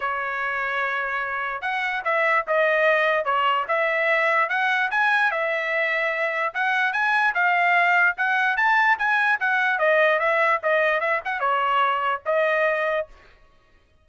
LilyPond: \new Staff \with { instrumentName = "trumpet" } { \time 4/4 \tempo 4 = 147 cis''1 | fis''4 e''4 dis''2 | cis''4 e''2 fis''4 | gis''4 e''2. |
fis''4 gis''4 f''2 | fis''4 a''4 gis''4 fis''4 | dis''4 e''4 dis''4 e''8 fis''8 | cis''2 dis''2 | }